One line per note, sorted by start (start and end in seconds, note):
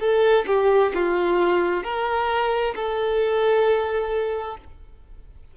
0.00 0.45 A4
0.47 0.93 G4
0.94 1.84 F4
1.84 2.75 A#4
2.76 4.57 A4